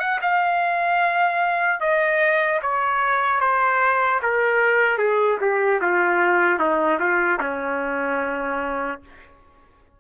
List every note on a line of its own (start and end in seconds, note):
0.00 0.20 F#5
0.22 1.81 F5
1.81 2.61 D#5
2.62 3.41 C#5
3.41 4.21 C5
4.23 4.98 A#4
4.98 5.38 G#4
5.41 5.81 G4
5.81 6.60 F4
6.60 7.00 D#4
7.00 7.40 F4
7.40 9.00 C#4